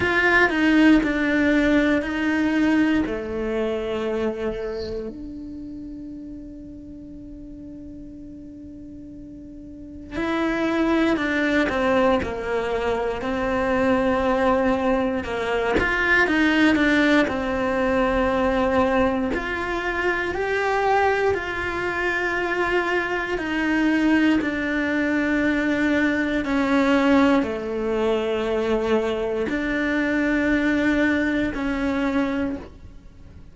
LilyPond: \new Staff \with { instrumentName = "cello" } { \time 4/4 \tempo 4 = 59 f'8 dis'8 d'4 dis'4 a4~ | a4 d'2.~ | d'2 e'4 d'8 c'8 | ais4 c'2 ais8 f'8 |
dis'8 d'8 c'2 f'4 | g'4 f'2 dis'4 | d'2 cis'4 a4~ | a4 d'2 cis'4 | }